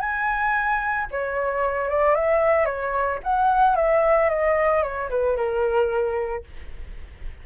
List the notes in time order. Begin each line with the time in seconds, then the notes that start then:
0.00 G#5
1.11 C#5
1.89 D5
2.15 E5
2.65 C#5
3.23 F#5
3.76 E5
4.29 D#5
4.82 C#5
5.10 B4
5.36 A#4